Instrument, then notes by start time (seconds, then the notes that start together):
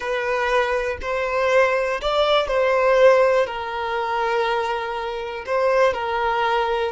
violin
0.00 B4
1.01 C5
2.01 D5
2.47 C5
3.46 A#4
5.45 C5
5.93 A#4